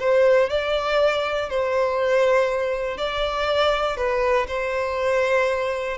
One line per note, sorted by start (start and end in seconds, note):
0.00 0.50 C5
0.50 1.50 D5
1.50 2.98 C5
2.98 3.97 D5
3.97 4.47 B4
4.48 5.98 C5